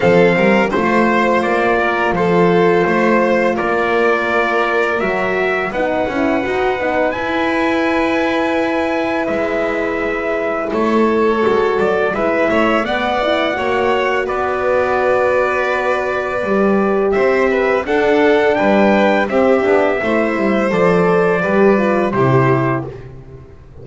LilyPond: <<
  \new Staff \with { instrumentName = "trumpet" } { \time 4/4 \tempo 4 = 84 f''4 c''4 d''4 c''4~ | c''4 d''2 e''4 | fis''2 gis''2~ | gis''4 e''2 cis''4~ |
cis''8 d''8 e''4 fis''2 | d''1 | e''4 fis''4 g''4 e''4~ | e''4 d''2 c''4 | }
  \new Staff \with { instrumentName = "violin" } { \time 4/4 a'8 ais'8 c''4. ais'8 a'4 | c''4 ais'2. | b'1~ | b'2. a'4~ |
a'4 b'8 cis''8 d''4 cis''4 | b'1 | c''8 b'8 a'4 b'4 g'4 | c''2 b'4 g'4 | }
  \new Staff \with { instrumentName = "horn" } { \time 4/4 c'4 f'2.~ | f'2. fis'4 | dis'8 e'8 fis'8 dis'8 e'2~ | e'1 |
fis'4 e'4 b8 e'8 fis'4~ | fis'2. g'4~ | g'4 d'2 c'8 d'8 | e'4 a'4 g'8 f'8 e'4 | }
  \new Staff \with { instrumentName = "double bass" } { \time 4/4 f8 g8 a4 ais4 f4 | a4 ais2 fis4 | b8 cis'8 dis'8 b8 e'2~ | e'4 gis2 a4 |
gis8 fis8 gis8 a8 b4 ais4 | b2. g4 | c'4 d'4 g4 c'8 b8 | a8 g8 f4 g4 c4 | }
>>